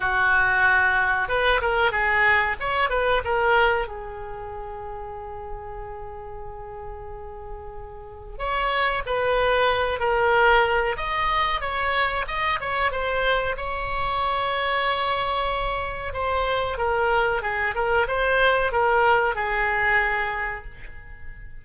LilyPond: \new Staff \with { instrumentName = "oboe" } { \time 4/4 \tempo 4 = 93 fis'2 b'8 ais'8 gis'4 | cis''8 b'8 ais'4 gis'2~ | gis'1~ | gis'4 cis''4 b'4. ais'8~ |
ais'4 dis''4 cis''4 dis''8 cis''8 | c''4 cis''2.~ | cis''4 c''4 ais'4 gis'8 ais'8 | c''4 ais'4 gis'2 | }